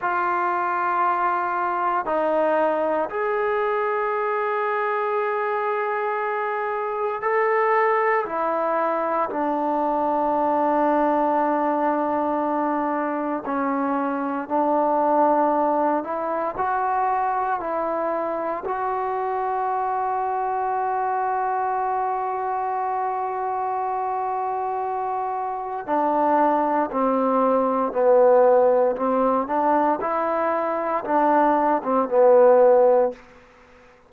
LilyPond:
\new Staff \with { instrumentName = "trombone" } { \time 4/4 \tempo 4 = 58 f'2 dis'4 gis'4~ | gis'2. a'4 | e'4 d'2.~ | d'4 cis'4 d'4. e'8 |
fis'4 e'4 fis'2~ | fis'1~ | fis'4 d'4 c'4 b4 | c'8 d'8 e'4 d'8. c'16 b4 | }